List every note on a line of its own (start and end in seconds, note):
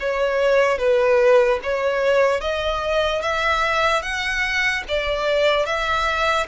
0.00 0.78 C#5
0.78 1.59 B4
1.63 2.41 C#5
2.41 3.22 D#5
3.22 4.02 E5
4.02 4.83 F#5
4.88 5.66 D5
5.66 6.47 E5